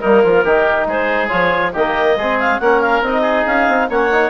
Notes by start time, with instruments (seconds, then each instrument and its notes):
0.00 bassoon G3, trombone A#3, oboe D#4, clarinet A#4
0.23 bassoon F3, oboe F4
0.44 bassoon D#3, trombone D#4, oboe G4
0.86 bassoon G#3, oboe G#4, clarinet C5
1.28 bassoon F3, trombone F4, clarinet C#5
1.72 bassoon D#3, trombone A#3, oboe G4, clarinet D#5
2.16 bassoon G#3, trombone C4, oboe G#4
2.39 clarinet F5
2.59 bassoon A#3, trombone C#4, oboe A#4, clarinet F#5
2.81 clarinet F5
3.01 bassoon C4, trombone D#4, clarinet D#5
3.21 oboe G#4
3.46 bassoon C#4, clarinet F5
3.68 bassoon C4
3.89 bassoon A#3, trombone C#4, oboe C#5, clarinet F#5
4.11 trombone D#4